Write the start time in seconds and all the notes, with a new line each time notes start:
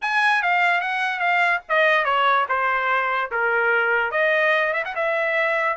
0.01 G#5
0.42 F5
0.81 F#5
1.19 F5
1.68 D#5
2.05 C#5
2.48 C5
3.31 A#4
4.11 D#5
4.73 E5
4.84 F#5
4.95 E5